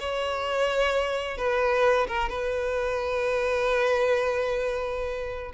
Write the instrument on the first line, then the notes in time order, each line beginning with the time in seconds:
violin
0.00 C#5
1.38 B4
2.08 A#4
2.29 B4